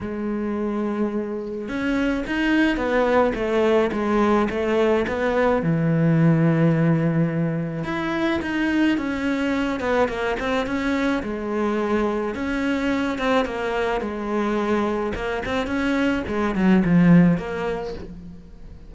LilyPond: \new Staff \with { instrumentName = "cello" } { \time 4/4 \tempo 4 = 107 gis2. cis'4 | dis'4 b4 a4 gis4 | a4 b4 e2~ | e2 e'4 dis'4 |
cis'4. b8 ais8 c'8 cis'4 | gis2 cis'4. c'8 | ais4 gis2 ais8 c'8 | cis'4 gis8 fis8 f4 ais4 | }